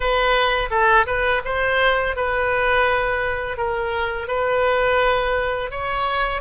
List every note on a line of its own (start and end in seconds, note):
0.00 0.69 B4
0.70 1.06 A4
1.06 1.42 B4
1.44 2.16 C5
2.16 3.57 B4
3.57 4.27 A#4
4.27 5.70 B4
5.70 6.41 C#5